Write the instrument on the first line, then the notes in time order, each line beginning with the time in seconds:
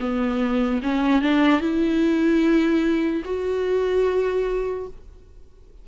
viola
0.00 B3
0.83 C#4
1.22 D4
1.61 E4
3.25 F#4